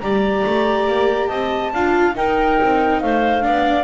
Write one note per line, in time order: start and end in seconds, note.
0.00 0.45 G3
0.00 1.74 G4
0.00 1.29 D5
0.00 1.28 A#5
0.46 0.88 A3
0.88 1.30 A#3
1.28 1.73 C4
1.28 1.72 D#5
1.28 2.14 A5
1.73 2.16 D4
1.73 2.15 F4
1.73 2.17 F5
2.15 3.42 D#4
2.15 2.60 D#4
2.15 3.02 A#4
2.15 3.01 G5
2.62 3.03 C4
3.01 3.46 A3
3.01 3.44 C5
3.01 3.84 F5
3.42 3.84 B3
3.42 3.84 D4
3.42 3.84 D5